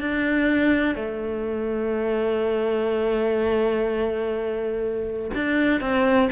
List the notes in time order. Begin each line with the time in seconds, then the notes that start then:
0.00 D4
0.95 A3
5.34 D4
5.80 C4